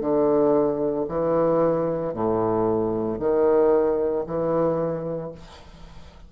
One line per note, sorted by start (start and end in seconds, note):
0.00 1.05 D3
1.08 2.13 E3
2.13 3.19 A2
3.19 4.24 D#3
4.26 5.32 E3